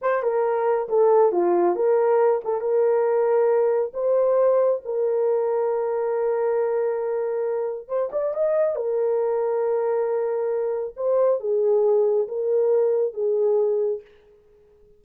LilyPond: \new Staff \with { instrumentName = "horn" } { \time 4/4 \tempo 4 = 137 c''8 ais'4. a'4 f'4 | ais'4. a'8 ais'2~ | ais'4 c''2 ais'4~ | ais'1~ |
ais'2 c''8 d''8 dis''4 | ais'1~ | ais'4 c''4 gis'2 | ais'2 gis'2 | }